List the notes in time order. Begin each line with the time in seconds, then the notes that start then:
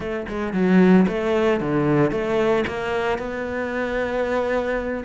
0.00 A3
0.28 G#3
0.53 F#3
1.08 A3
1.60 D3
2.11 A3
2.67 A#3
3.18 B3